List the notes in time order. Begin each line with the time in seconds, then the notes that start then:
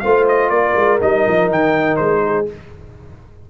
0.00 A3 F4 C5 F5
0.29 D#5
0.50 A#3 A#4 D5
0.76 G#3
1.00 G3 D#4 D#5
1.28 F3
1.49 D#3 G5
1.97 G#3 C5
2.26 G#4